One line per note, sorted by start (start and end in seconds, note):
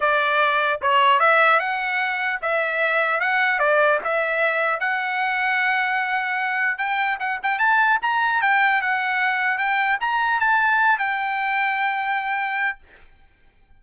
0.00 0.80 D5
0.81 1.19 C#5
1.19 1.59 E5
1.59 2.39 F#5
2.41 3.20 E5
3.20 3.59 F#5
3.59 3.99 D5
4.03 4.79 E5
4.79 6.78 F#5
6.78 7.18 G5
7.19 7.39 F#5
7.43 7.58 G5
7.58 7.98 A5
8.02 8.41 A#5
8.41 8.81 G5
8.81 9.58 F#5
9.58 9.98 G5
10.00 10.40 A#5
10.40 10.98 A5
10.98 12.78 G5